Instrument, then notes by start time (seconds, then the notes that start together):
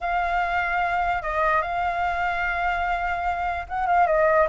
flute
0.00 F5
1.22 D#5
1.62 F5
3.68 F#5
3.86 F5
4.06 D#5